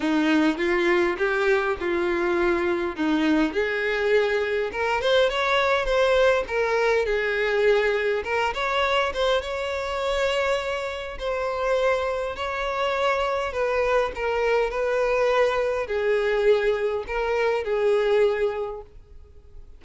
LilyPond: \new Staff \with { instrumentName = "violin" } { \time 4/4 \tempo 4 = 102 dis'4 f'4 g'4 f'4~ | f'4 dis'4 gis'2 | ais'8 c''8 cis''4 c''4 ais'4 | gis'2 ais'8 cis''4 c''8 |
cis''2. c''4~ | c''4 cis''2 b'4 | ais'4 b'2 gis'4~ | gis'4 ais'4 gis'2 | }